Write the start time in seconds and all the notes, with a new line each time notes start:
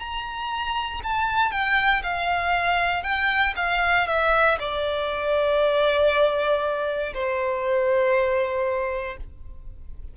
0.00 A#5
1.04 A5
1.52 G5
2.04 F5
3.04 G5
3.57 F5
4.08 E5
4.60 D5
7.14 C5